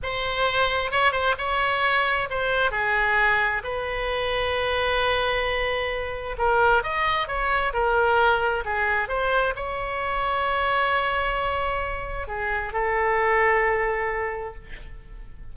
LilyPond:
\new Staff \with { instrumentName = "oboe" } { \time 4/4 \tempo 4 = 132 c''2 cis''8 c''8 cis''4~ | cis''4 c''4 gis'2 | b'1~ | b'2 ais'4 dis''4 |
cis''4 ais'2 gis'4 | c''4 cis''2.~ | cis''2. gis'4 | a'1 | }